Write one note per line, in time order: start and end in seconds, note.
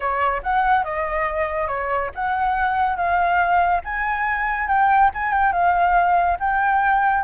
0.00 0.42 C#5
0.42 0.84 F#5
0.84 1.67 D#5
1.67 2.10 C#5
2.15 2.96 F#5
2.96 3.81 F5
3.84 4.68 G#5
4.68 5.10 G5
5.14 5.32 G#5
5.32 5.52 G5
5.52 6.37 F5
6.39 7.23 G5